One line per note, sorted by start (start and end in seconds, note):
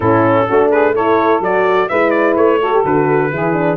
0.00 0.45 A2
0.00 0.48 C#4
0.00 0.45 E4
0.00 0.70 A4
0.47 1.40 A3
0.47 0.95 D4
0.47 0.70 F#4
0.70 0.94 G#4
0.70 0.94 B4
0.94 1.42 E4
0.94 1.88 A4
0.94 1.43 C#5
1.40 1.87 F#3
1.40 1.89 F#4
1.40 1.89 D5
1.89 2.35 G#3
1.89 2.61 E4
1.89 2.60 B4
1.89 2.10 E5
2.10 2.34 D5
2.35 2.83 A3
2.35 2.83 C#5
2.60 2.73 F#4
2.60 3.30 A4
2.73 2.84 G4
2.84 3.31 D3
2.84 3.31 F#4
2.84 3.76 B4
3.31 3.76 E3
3.31 3.53 E4
3.31 3.76 G#4
3.53 3.76 D4